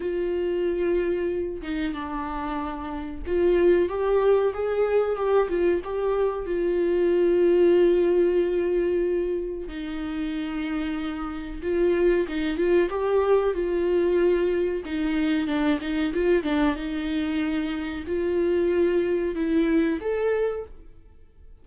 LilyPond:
\new Staff \with { instrumentName = "viola" } { \time 4/4 \tempo 4 = 93 f'2~ f'8 dis'8 d'4~ | d'4 f'4 g'4 gis'4 | g'8 f'8 g'4 f'2~ | f'2. dis'4~ |
dis'2 f'4 dis'8 f'8 | g'4 f'2 dis'4 | d'8 dis'8 f'8 d'8 dis'2 | f'2 e'4 a'4 | }